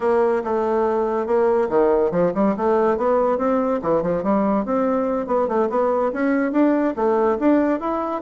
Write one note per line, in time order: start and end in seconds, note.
0.00 0.42 A#3
0.44 1.26 A3
1.26 1.68 A#3
1.69 2.11 D#3
2.11 2.32 F3
2.34 2.55 G3
2.56 2.97 A3
2.97 3.38 B3
3.38 3.80 C4
3.82 4.02 E3
4.02 4.23 F3
4.23 4.65 G3
4.65 5.26 C4
5.26 5.48 B3
5.48 5.69 A3
5.69 6.12 B3
6.12 6.52 C#4
6.52 6.94 D4
6.95 7.38 A3
7.39 7.80 D4
7.80 8.21 E4